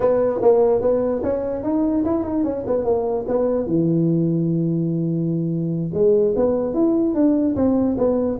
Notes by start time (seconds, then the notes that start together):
0.00 B3
0.41 A#3
0.81 B3
1.23 C#4
1.63 D#4
2.04 E4
2.23 D#4
2.43 C#4
2.66 B3
2.84 A#3
3.27 B3
3.66 E3
5.93 G#3
6.36 B3
6.73 E4
7.14 D4
7.55 C4
7.97 B3